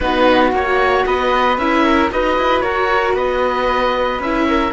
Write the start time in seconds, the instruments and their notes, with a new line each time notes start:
0.00 cello B3, viola D#4, flute F#4, oboe B4
0.52 cello A#3, viola F#4, oboe C#5
1.05 cello B3, flute B4, oboe D#5
1.57 cello C#4, viola E4, oboe E5
1.84 flute A#4
2.10 cello D#4, viola F#4, flute B4, oboe D#5
2.37 cello E4
2.60 cello F#4, flute A#4, oboe C#5
3.13 cello B3, flute B4, oboe D#5
4.19 cello C#4, viola E4, oboe E5
4.48 flute A#4